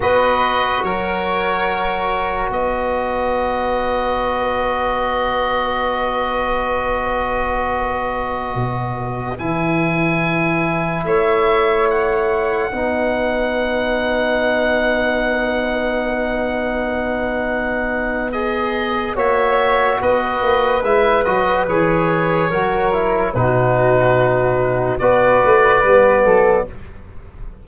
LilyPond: <<
  \new Staff \with { instrumentName = "oboe" } { \time 4/4 \tempo 4 = 72 dis''4 cis''2 dis''4~ | dis''1~ | dis''2.~ dis''16 gis''8.~ | gis''4~ gis''16 e''4 fis''4.~ fis''16~ |
fis''1~ | fis''2 dis''4 e''4 | dis''4 e''8 dis''8 cis''2 | b'2 d''2 | }
  \new Staff \with { instrumentName = "flute" } { \time 4/4 b'4 ais'2 b'4~ | b'1~ | b'1~ | b'4~ b'16 cis''2 b'8.~ |
b'1~ | b'2. cis''4 | b'2. ais'4 | fis'2 b'4. a'8 | }
  \new Staff \with { instrumentName = "trombone" } { \time 4/4 fis'1~ | fis'1~ | fis'2.~ fis'16 e'8.~ | e'2.~ e'16 dis'8.~ |
dis'1~ | dis'2 gis'4 fis'4~ | fis'4 e'8 fis'8 gis'4 fis'8 e'8 | dis'2 fis'4 b4 | }
  \new Staff \with { instrumentName = "tuba" } { \time 4/4 b4 fis2 b4~ | b1~ | b2~ b16 b,4 e8.~ | e4~ e16 a2 b8.~ |
b1~ | b2. ais4 | b8 ais8 gis8 fis8 e4 fis4 | b,2 b8 a8 g8 fis8 | }
>>